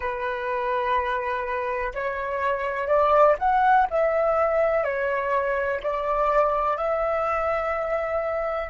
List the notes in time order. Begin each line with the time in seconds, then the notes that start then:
0.00 B4
1.94 C#5
2.87 D5
3.39 F#5
3.90 E5
4.83 C#5
5.83 D5
6.77 E5